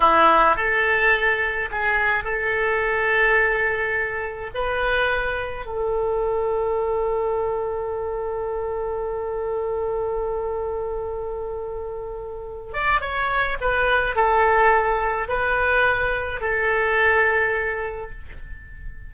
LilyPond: \new Staff \with { instrumentName = "oboe" } { \time 4/4 \tempo 4 = 106 e'4 a'2 gis'4 | a'1 | b'2 a'2~ | a'1~ |
a'1~ | a'2~ a'8 d''8 cis''4 | b'4 a'2 b'4~ | b'4 a'2. | }